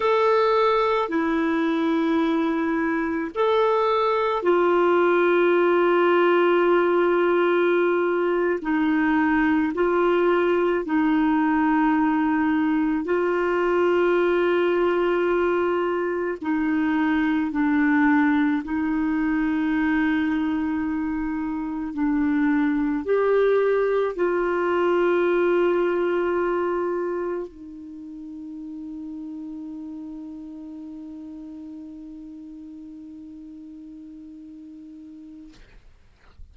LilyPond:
\new Staff \with { instrumentName = "clarinet" } { \time 4/4 \tempo 4 = 54 a'4 e'2 a'4 | f'2.~ f'8. dis'16~ | dis'8. f'4 dis'2 f'16~ | f'2~ f'8. dis'4 d'16~ |
d'8. dis'2. d'16~ | d'8. g'4 f'2~ f'16~ | f'8. dis'2.~ dis'16~ | dis'1 | }